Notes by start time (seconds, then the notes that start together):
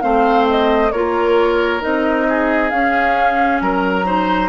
0.00 A3 C4 C5 F5
0.50 D#5
0.91 A#3 F4 A#4 C#5
1.80 C4 D#4 D#5
2.28 G#4
2.70 C#4 F5
3.60 F#3 A#4 A#5
4.05 D#4 C5